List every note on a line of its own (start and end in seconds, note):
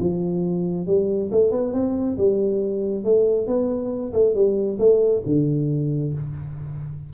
0.00 0.87 F3
0.87 1.31 G3
1.32 1.51 A3
1.51 1.73 B3
1.74 2.17 C4
2.18 3.05 G3
3.05 3.48 A3
3.48 4.13 B3
4.13 4.35 A3
4.35 4.79 G3
4.79 5.23 A3
5.26 6.14 D3